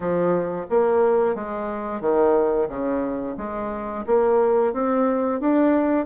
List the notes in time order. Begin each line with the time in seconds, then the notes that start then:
0.00 F3
0.70 A#3
1.35 G#3
2.00 D#3
2.68 C#3
3.37 G#3
4.06 A#3
4.73 C4
5.40 D4